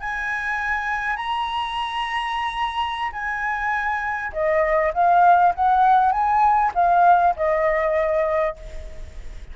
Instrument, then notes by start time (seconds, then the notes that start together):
flute
0.00 G#5
1.16 A#5
3.12 G#5
4.33 D#5
4.94 F5
5.55 F#5
6.12 G#5
6.75 F5
7.36 D#5